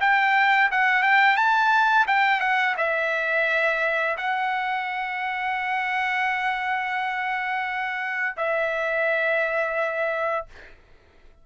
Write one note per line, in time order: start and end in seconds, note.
0.00 0.70 G5
0.71 1.02 F#5
1.02 1.36 G5
1.36 2.06 A5
2.07 2.40 G5
2.40 2.75 F#5
2.77 4.17 E5
4.17 8.35 F#5
8.36 10.46 E5